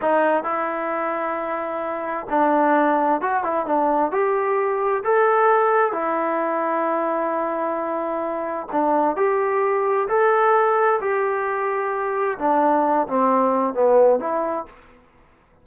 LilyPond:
\new Staff \with { instrumentName = "trombone" } { \time 4/4 \tempo 4 = 131 dis'4 e'2.~ | e'4 d'2 fis'8 e'8 | d'4 g'2 a'4~ | a'4 e'2.~ |
e'2. d'4 | g'2 a'2 | g'2. d'4~ | d'8 c'4. b4 e'4 | }